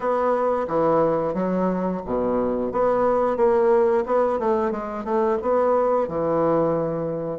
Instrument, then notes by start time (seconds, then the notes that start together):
bassoon
0.00 B3
0.67 E3
1.33 F#3
2.05 B2
2.72 B3
3.36 A#3
4.05 B3
4.39 A3
4.71 G#3
5.04 A3
5.42 B3
6.08 E3